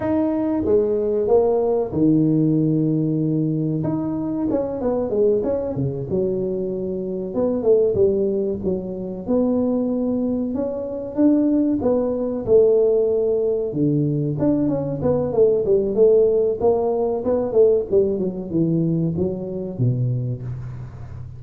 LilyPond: \new Staff \with { instrumentName = "tuba" } { \time 4/4 \tempo 4 = 94 dis'4 gis4 ais4 dis4~ | dis2 dis'4 cis'8 b8 | gis8 cis'8 cis8 fis2 b8 | a8 g4 fis4 b4.~ |
b8 cis'4 d'4 b4 a8~ | a4. d4 d'8 cis'8 b8 | a8 g8 a4 ais4 b8 a8 | g8 fis8 e4 fis4 b,4 | }